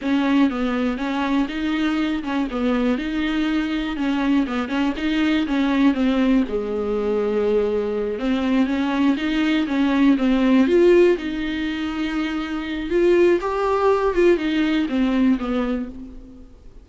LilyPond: \new Staff \with { instrumentName = "viola" } { \time 4/4 \tempo 4 = 121 cis'4 b4 cis'4 dis'4~ | dis'8 cis'8 b4 dis'2 | cis'4 b8 cis'8 dis'4 cis'4 | c'4 gis2.~ |
gis8 c'4 cis'4 dis'4 cis'8~ | cis'8 c'4 f'4 dis'4.~ | dis'2 f'4 g'4~ | g'8 f'8 dis'4 c'4 b4 | }